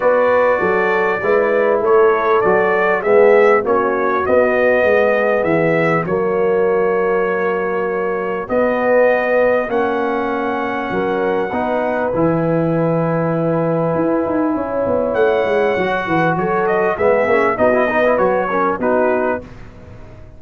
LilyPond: <<
  \new Staff \with { instrumentName = "trumpet" } { \time 4/4 \tempo 4 = 99 d''2. cis''4 | d''4 e''4 cis''4 dis''4~ | dis''4 e''4 cis''2~ | cis''2 dis''2 |
fis''1 | gis''1~ | gis''4 fis''2 cis''8 dis''8 | e''4 dis''4 cis''4 b'4 | }
  \new Staff \with { instrumentName = "horn" } { \time 4/4 b'4 a'4 b'4 a'4~ | a'4 gis'4 fis'2 | gis'2 fis'2~ | fis'1~ |
fis'2 ais'4 b'4~ | b'1 | cis''2~ cis''8 b'8 a'4 | gis'4 fis'8 b'4 ais'8 fis'4 | }
  \new Staff \with { instrumentName = "trombone" } { \time 4/4 fis'2 e'2 | fis'4 b4 cis'4 b4~ | b2 ais2~ | ais2 b2 |
cis'2. dis'4 | e'1~ | e'2 fis'2 | b8 cis'8 dis'16 e'16 dis'16 e'16 fis'8 cis'8 dis'4 | }
  \new Staff \with { instrumentName = "tuba" } { \time 4/4 b4 fis4 gis4 a4 | fis4 gis4 ais4 b4 | gis4 e4 fis2~ | fis2 b2 |
ais2 fis4 b4 | e2. e'8 dis'8 | cis'8 b8 a8 gis8 fis8 e8 fis4 | gis8 ais8 b4 fis4 b4 | }
>>